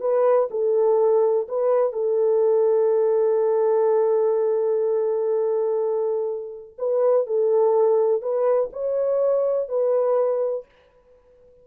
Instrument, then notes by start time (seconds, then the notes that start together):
horn
0.00 B4
0.50 A4
1.48 B4
1.92 A4
6.78 B4
7.26 A4
8.21 B4
8.72 C#5
9.68 B4